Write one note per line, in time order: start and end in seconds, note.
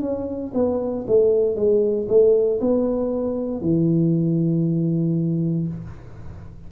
0.00 0.52 C#4
0.54 1.05 B3
1.07 1.55 A3
1.55 2.07 G#3
2.08 2.60 A3
2.60 3.61 B3
3.61 5.68 E3